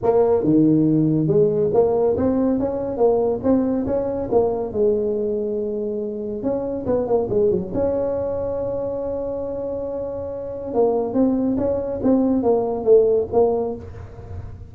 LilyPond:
\new Staff \with { instrumentName = "tuba" } { \time 4/4 \tempo 4 = 140 ais4 dis2 gis4 | ais4 c'4 cis'4 ais4 | c'4 cis'4 ais4 gis4~ | gis2. cis'4 |
b8 ais8 gis8 fis8 cis'2~ | cis'1~ | cis'4 ais4 c'4 cis'4 | c'4 ais4 a4 ais4 | }